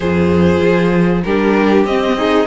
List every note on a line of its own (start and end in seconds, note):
0.00 0.60 F2
0.00 1.25 F4
0.00 1.22 G#4
0.00 1.22 C5
0.61 1.23 F3
1.23 1.84 G3
1.23 1.87 D4
1.23 2.17 G4
1.23 1.85 A#4
1.84 2.46 C4
1.84 2.16 C4
1.84 2.47 D#5
2.16 2.47 D#4
2.16 2.47 G#4